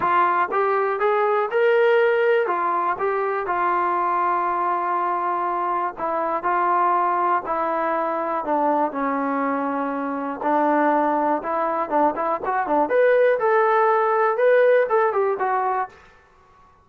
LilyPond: \new Staff \with { instrumentName = "trombone" } { \time 4/4 \tempo 4 = 121 f'4 g'4 gis'4 ais'4~ | ais'4 f'4 g'4 f'4~ | f'1 | e'4 f'2 e'4~ |
e'4 d'4 cis'2~ | cis'4 d'2 e'4 | d'8 e'8 fis'8 d'8 b'4 a'4~ | a'4 b'4 a'8 g'8 fis'4 | }